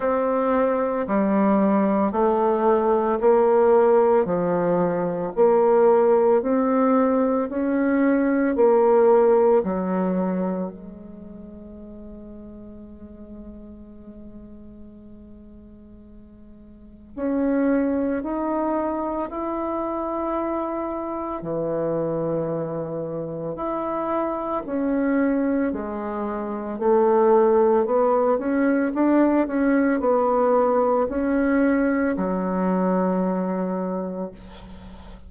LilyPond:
\new Staff \with { instrumentName = "bassoon" } { \time 4/4 \tempo 4 = 56 c'4 g4 a4 ais4 | f4 ais4 c'4 cis'4 | ais4 fis4 gis2~ | gis1 |
cis'4 dis'4 e'2 | e2 e'4 cis'4 | gis4 a4 b8 cis'8 d'8 cis'8 | b4 cis'4 fis2 | }